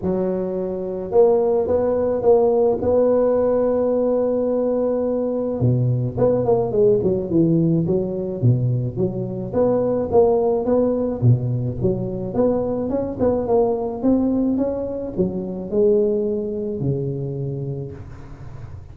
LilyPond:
\new Staff \with { instrumentName = "tuba" } { \time 4/4 \tempo 4 = 107 fis2 ais4 b4 | ais4 b2.~ | b2 b,4 b8 ais8 | gis8 fis8 e4 fis4 b,4 |
fis4 b4 ais4 b4 | b,4 fis4 b4 cis'8 b8 | ais4 c'4 cis'4 fis4 | gis2 cis2 | }